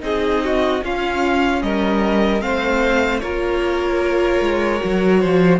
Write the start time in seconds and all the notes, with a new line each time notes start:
0.00 C4 D#4 G#4 D#5
0.44 F#4
0.82 C#4 F4 F5
1.62 G3 A#4 D#5
2.41 A3 C4 C5 F5
3.19 A#3 F4 A#4 C#5
4.40 G#3
4.79 F#3 F#4
5.20 F3 C5